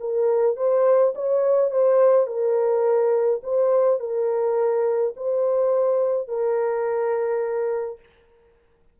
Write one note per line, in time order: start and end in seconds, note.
0.00 0.57 A#4
0.57 1.14 C5
1.15 1.71 C#5
1.71 2.27 C5
2.27 3.41 A#4
3.43 4.00 C5
4.00 5.14 A#4
5.16 6.28 C5
6.28 7.99 A#4